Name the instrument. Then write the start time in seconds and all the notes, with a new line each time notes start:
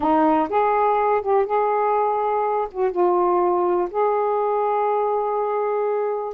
saxophone
0.00 D#4
0.49 G#4
1.21 G4
1.46 G#4
2.71 F#4
2.91 F4
3.90 G#4